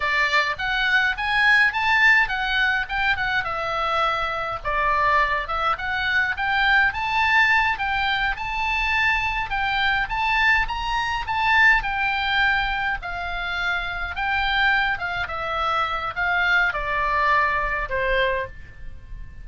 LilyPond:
\new Staff \with { instrumentName = "oboe" } { \time 4/4 \tempo 4 = 104 d''4 fis''4 gis''4 a''4 | fis''4 g''8 fis''8 e''2 | d''4. e''8 fis''4 g''4 | a''4. g''4 a''4.~ |
a''8 g''4 a''4 ais''4 a''8~ | a''8 g''2 f''4.~ | f''8 g''4. f''8 e''4. | f''4 d''2 c''4 | }